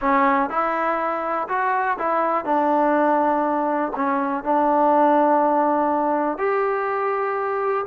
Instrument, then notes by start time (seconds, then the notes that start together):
trombone
0.01 C#4
0.49 E4
1.48 F#4
1.98 E4
2.45 D4
3.95 C#4
4.44 D4
6.38 G4